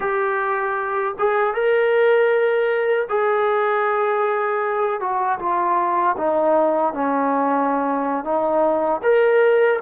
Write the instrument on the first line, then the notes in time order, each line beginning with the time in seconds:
trombone
0.00 G4
1.18 G#4
1.53 A#4
3.09 G#4
5.00 F#4
5.38 F4
6.17 D#4
6.93 C#4
8.24 D#4
9.02 A#4